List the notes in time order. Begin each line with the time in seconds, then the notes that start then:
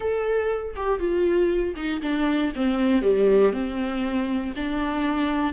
0.00 A4
0.75 G4
0.99 F4
1.75 D#4
2.02 D4
2.55 C4
3.02 G3
3.52 C4
4.55 D4